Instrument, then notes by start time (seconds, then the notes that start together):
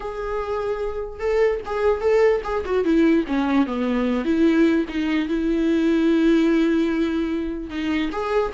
viola
0.00 G#4
1.19 A4
1.65 G#4
2.01 A4
2.44 G#4
2.65 F#4
2.84 E4
3.27 C#4
3.66 B3
4.24 E4
4.88 D#4
5.28 E4
7.69 D#4
8.11 G#4